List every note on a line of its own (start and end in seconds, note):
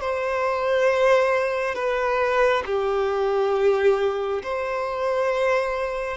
0.00 1.75 C5
1.75 2.63 B4
2.66 4.42 G4
4.42 6.17 C5